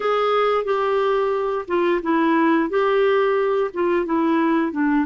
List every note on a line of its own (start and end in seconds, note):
0.00 0.64 G#4
0.64 1.65 G4
1.67 2.01 F4
2.02 2.69 E4
2.69 3.70 G4
3.73 4.05 F4
4.05 4.72 E4
4.72 5.05 D4